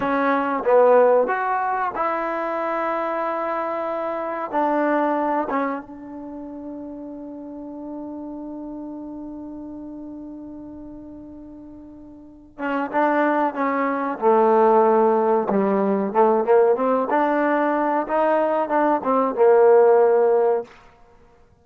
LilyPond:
\new Staff \with { instrumentName = "trombone" } { \time 4/4 \tempo 4 = 93 cis'4 b4 fis'4 e'4~ | e'2. d'4~ | d'8 cis'8 d'2.~ | d'1~ |
d'2.~ d'8 cis'8 | d'4 cis'4 a2 | g4 a8 ais8 c'8 d'4. | dis'4 d'8 c'8 ais2 | }